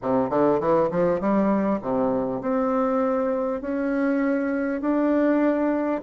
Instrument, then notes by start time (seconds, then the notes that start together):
bassoon
0.01 C3
0.30 D3
0.59 E3
0.90 F3
1.20 G3
1.81 C3
2.41 C4
3.61 C#4
4.81 D4